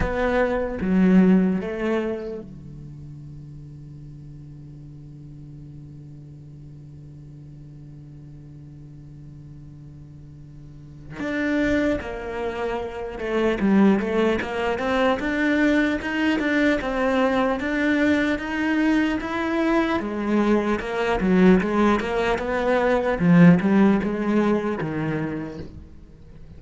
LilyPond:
\new Staff \with { instrumentName = "cello" } { \time 4/4 \tempo 4 = 75 b4 fis4 a4 d4~ | d1~ | d1~ | d2 d'4 ais4~ |
ais8 a8 g8 a8 ais8 c'8 d'4 | dis'8 d'8 c'4 d'4 dis'4 | e'4 gis4 ais8 fis8 gis8 ais8 | b4 f8 g8 gis4 dis4 | }